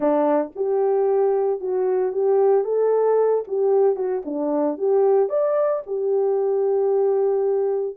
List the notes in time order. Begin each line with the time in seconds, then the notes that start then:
0.00 D4
0.55 G4
1.60 F#4
2.12 G4
2.64 A4
3.47 G4
3.96 F#4
4.25 D4
4.77 G4
5.29 D5
5.86 G4